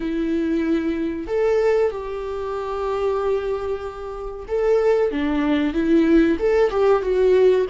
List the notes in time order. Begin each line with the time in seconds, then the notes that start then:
0.00 E4
1.27 A4
1.90 G4
4.48 A4
5.11 D4
5.73 E4
6.39 A4
6.70 G4
7.02 F#4